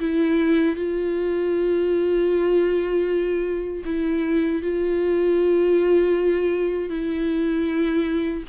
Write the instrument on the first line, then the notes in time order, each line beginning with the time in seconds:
viola
0.00 E4
0.76 F4
3.85 E4
4.62 F4
6.90 E4